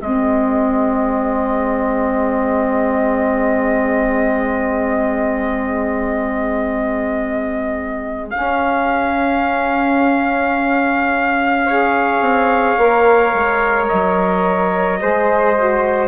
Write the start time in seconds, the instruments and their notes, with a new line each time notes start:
0.00 bassoon G#3, saxophone C4, flute G#4, trumpet D#5
8.31 saxophone C#4, bassoon C#4, trumpet F5
11.66 saxophone G#4, flute C#5
12.21 bassoon C4
12.78 bassoon A#3, saxophone A#4
13.34 bassoon G#3
13.89 bassoon F#3, trumpet D#5
14.99 bassoon G#3, saxophone G#4, flute C5
15.58 saxophone F#4